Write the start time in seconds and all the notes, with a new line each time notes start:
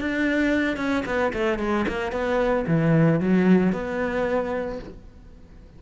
0.00 D4
0.77 C#4
1.06 B3
1.33 A3
1.59 G#3
1.88 A#3
2.12 B3
2.67 E3
3.20 F#3
3.72 B3